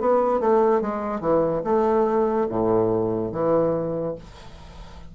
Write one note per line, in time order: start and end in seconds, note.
0.00 0.40 B3
0.40 0.81 A3
0.81 1.20 G#3
1.20 1.62 E3
1.64 2.47 A3
2.49 3.32 A2
3.32 4.15 E3